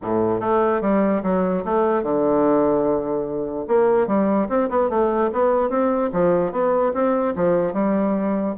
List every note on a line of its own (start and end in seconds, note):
0.02 0.40 A2
0.40 0.81 A3
0.81 1.22 G3
1.22 1.63 F#3
1.65 2.02 A3
2.02 3.65 D3
3.67 4.07 A#3
4.07 4.47 G3
4.48 4.69 C4
4.69 4.89 B3
4.89 5.30 A3
5.32 5.69 B3
5.69 6.10 C4
6.12 6.52 F3
6.52 6.92 B3
6.93 7.34 C4
7.35 7.73 F3
7.73 8.55 G3